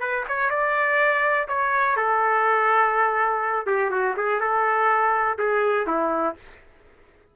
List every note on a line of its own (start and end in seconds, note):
0.00 0.24 B4
0.28 0.50 C#5
0.50 1.48 D5
1.48 1.96 C#5
1.96 3.67 A4
3.67 3.90 G4
3.90 4.15 F#4
4.17 4.40 G#4
4.40 5.38 A4
5.39 5.87 G#4
5.87 6.36 E4